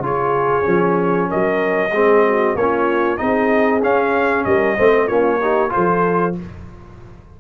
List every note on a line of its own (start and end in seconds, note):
0.00 0.63 C#3
0.00 0.63 F4
0.00 1.28 G#4
0.00 1.31 C#5
0.63 1.30 F3
0.63 1.89 C#4
1.28 1.92 F#3
1.28 1.91 A#4
1.28 2.57 D#5
1.92 2.55 G#3
1.92 2.58 C4
1.92 2.26 G#4
2.26 2.58 F#4
2.55 3.18 A#3
2.55 3.17 C#4
2.55 3.20 F4
2.55 3.17 C#5
3.17 3.82 C4
3.17 3.80 D#4
3.17 4.47 G#4
3.17 3.80 D#5
3.82 4.45 C#4
3.82 4.78 C#4
3.82 4.45 F5
4.45 4.77 G3
4.45 4.76 A#4
4.45 5.08 D#5
4.76 5.09 A3
4.76 5.09 C4
4.76 5.07 C5
5.07 5.72 A#3
5.07 5.41 C#4
5.07 5.38 F4
5.07 5.71 C#5
5.41 5.69 D#4
5.41 5.73 G4
5.69 6.32 F4
5.69 6.37 A4
5.69 6.35 C5
5.77 6.40 F3